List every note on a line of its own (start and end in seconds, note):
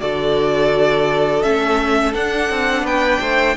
0.00 1.44 D3
0.00 1.43 F#4
0.00 2.84 A4
0.00 1.43 D5
1.43 2.15 A3
1.43 2.13 C#4
1.43 2.14 E5
2.13 3.56 D4
2.13 2.50 D4
2.13 2.86 F#5
2.50 2.83 C4
2.83 3.19 B3
2.83 3.20 B4
2.83 3.57 G5
3.21 3.57 A3
3.21 3.56 C5